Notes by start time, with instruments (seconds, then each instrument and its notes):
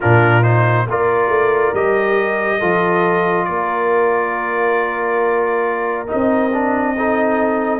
0.00 tuba A#2, trombone D4, horn F4, trumpet A#4
0.43 trombone D#4, trumpet C5
0.86 tuba A#3, trombone F4, horn A#4, trumpet D5
1.28 tuba A3
1.74 tuba G3, trombone G4, trumpet D#5
2.58 tuba F3, trombone F4, horn A4
3.45 tuba A#3, horn A#4, trumpet D5
6.07 tuba C4, trombone D#4, trumpet D#5
6.53 trombone D4
6.97 trombone D#4, horn A4